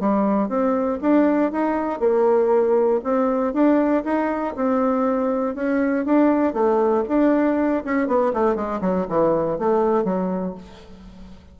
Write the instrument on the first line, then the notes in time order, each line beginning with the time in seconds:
bassoon
0.00 G3
0.49 C4
1.02 D4
1.52 D#4
2.00 A#3
3.04 C4
3.53 D4
4.04 D#4
4.56 C4
5.55 C#4
6.05 D4
6.53 A3
7.08 D4
7.84 C#4
8.07 B3
8.33 A3
8.56 G#3
8.81 F#3
9.09 E3
9.58 A3
10.04 F#3